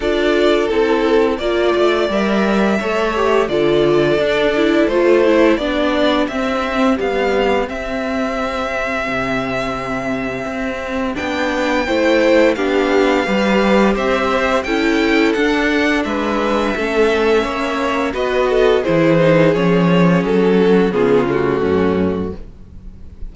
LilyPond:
<<
  \new Staff \with { instrumentName = "violin" } { \time 4/4 \tempo 4 = 86 d''4 a'4 d''4 e''4~ | e''4 d''2 c''4 | d''4 e''4 f''4 e''4~ | e''1 |
g''2 f''2 | e''4 g''4 fis''4 e''4~ | e''2 dis''4 c''4 | cis''4 a'4 gis'8 fis'4. | }
  \new Staff \with { instrumentName = "violin" } { \time 4/4 a'2 d''2 | cis''4 a'2. | g'1~ | g'1~ |
g'4 c''4 g'4 b'4 | c''4 a'2 b'4 | a'4 cis''4 b'8 a'8 gis'4~ | gis'4. fis'8 f'4 cis'4 | }
  \new Staff \with { instrumentName = "viola" } { \time 4/4 f'4 e'4 f'4 ais'4 | a'8 g'8 f'4 d'8 e'8 f'8 e'8 | d'4 c'4 g4 c'4~ | c'1 |
d'4 e'4 d'4 g'4~ | g'4 e'4 d'2 | cis'2 fis'4 e'8 dis'8 | cis'2 b8 a4. | }
  \new Staff \with { instrumentName = "cello" } { \time 4/4 d'4 c'4 ais8 a8 g4 | a4 d4 d'4 a4 | b4 c'4 b4 c'4~ | c'4 c2 c'4 |
b4 a4 b4 g4 | c'4 cis'4 d'4 gis4 | a4 ais4 b4 e4 | f4 fis4 cis4 fis,4 | }
>>